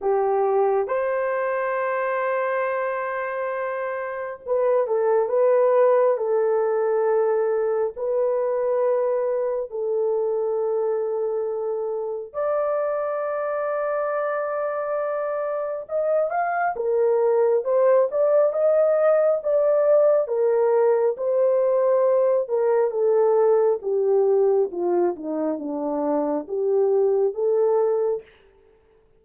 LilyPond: \new Staff \with { instrumentName = "horn" } { \time 4/4 \tempo 4 = 68 g'4 c''2.~ | c''4 b'8 a'8 b'4 a'4~ | a'4 b'2 a'4~ | a'2 d''2~ |
d''2 dis''8 f''8 ais'4 | c''8 d''8 dis''4 d''4 ais'4 | c''4. ais'8 a'4 g'4 | f'8 dis'8 d'4 g'4 a'4 | }